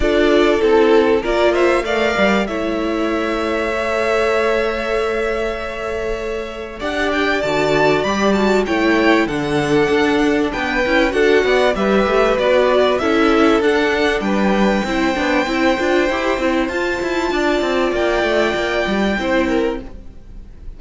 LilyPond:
<<
  \new Staff \with { instrumentName = "violin" } { \time 4/4 \tempo 4 = 97 d''4 a'4 d''8 e''8 f''4 | e''1~ | e''2. fis''8 g''8 | a''4 b''8 a''8 g''4 fis''4~ |
fis''4 g''4 fis''4 e''4 | d''4 e''4 fis''4 g''4~ | g''2. a''4~ | a''4 g''2. | }
  \new Staff \with { instrumentName = "violin" } { \time 4/4 a'2 ais'8 c''8 d''4 | cis''1~ | cis''2. d''4~ | d''2 cis''4 a'4~ |
a'4 b'4 a'8 d''8 b'4~ | b'4 a'2 b'4 | c''1 | d''2. c''8 ais'8 | }
  \new Staff \with { instrumentName = "viola" } { \time 4/4 f'4 e'4 f'4 ais'4 | e'2 a'2~ | a'2. g'4 | fis'4 g'8 fis'8 e'4 d'4~ |
d'4. e'8 fis'4 g'4 | fis'4 e'4 d'2 | e'8 d'8 e'8 f'8 g'8 e'8 f'4~ | f'2. e'4 | }
  \new Staff \with { instrumentName = "cello" } { \time 4/4 d'4 c'4 ais4 a8 g8 | a1~ | a2. d'4 | d4 g4 a4 d4 |
d'4 b8 cis'8 d'8 b8 g8 a8 | b4 cis'4 d'4 g4 | c'8 b8 c'8 d'8 e'8 c'8 f'8 e'8 | d'8 c'8 ais8 a8 ais8 g8 c'4 | }
>>